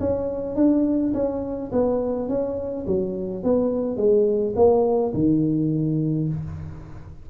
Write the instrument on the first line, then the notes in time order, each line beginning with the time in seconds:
tuba
0.00 C#4
0.56 D4
1.14 C#4
1.72 B3
2.29 C#4
2.86 F#3
3.43 B3
3.97 G#3
4.55 A#3
5.14 D#3